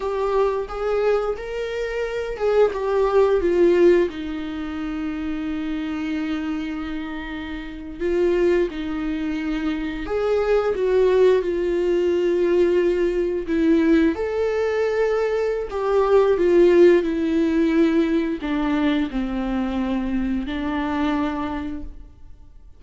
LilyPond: \new Staff \with { instrumentName = "viola" } { \time 4/4 \tempo 4 = 88 g'4 gis'4 ais'4. gis'8 | g'4 f'4 dis'2~ | dis'2.~ dis'8. f'16~ | f'8. dis'2 gis'4 fis'16~ |
fis'8. f'2. e'16~ | e'8. a'2~ a'16 g'4 | f'4 e'2 d'4 | c'2 d'2 | }